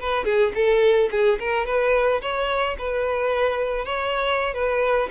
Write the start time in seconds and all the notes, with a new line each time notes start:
0.00 B4
0.25 G#4
0.55 A4
1.12 G#4
1.40 A#4
1.66 B4
2.22 C#5
2.78 B4
3.85 C#5
4.54 B4